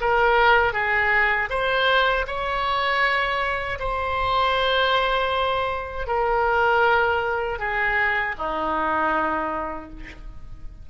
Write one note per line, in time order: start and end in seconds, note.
0.00 0.72 A#4
0.72 1.48 G#4
1.49 2.25 C5
2.26 3.78 C#5
3.79 6.07 C5
6.07 7.58 A#4
7.59 8.35 G#4
8.38 9.89 D#4